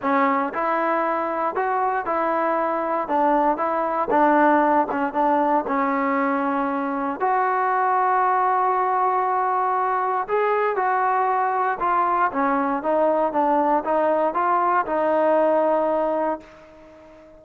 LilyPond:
\new Staff \with { instrumentName = "trombone" } { \time 4/4 \tempo 4 = 117 cis'4 e'2 fis'4 | e'2 d'4 e'4 | d'4. cis'8 d'4 cis'4~ | cis'2 fis'2~ |
fis'1 | gis'4 fis'2 f'4 | cis'4 dis'4 d'4 dis'4 | f'4 dis'2. | }